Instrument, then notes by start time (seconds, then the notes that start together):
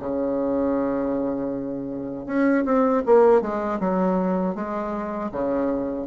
bassoon
0.00 C#3
2.27 C#4
2.65 C4
3.07 A#3
3.42 G#3
3.80 F#3
4.55 G#3
5.32 C#3